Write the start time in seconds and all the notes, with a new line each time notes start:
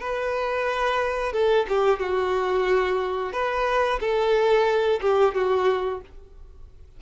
0.00 B4
1.32 A4
1.68 G4
1.99 F#4
3.32 B4
4.00 A4
5.01 G4
5.34 F#4